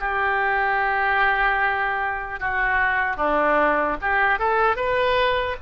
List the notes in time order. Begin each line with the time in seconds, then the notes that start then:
0.00 G4
2.40 F#4
3.17 D4
4.01 G4
4.39 A4
4.76 B4